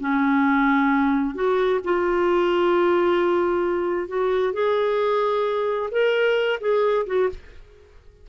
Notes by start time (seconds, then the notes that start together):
0.00 C#4
1.35 F#4
1.84 F4
4.08 F#4
4.53 G#4
5.91 A#4
6.61 G#4
7.06 F#4